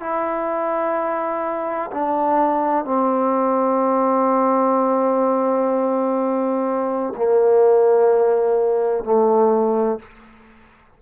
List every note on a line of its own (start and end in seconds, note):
0.00 1.90 E4
1.91 2.85 D4
2.85 7.13 C4
7.16 9.04 A#3
9.04 9.99 A3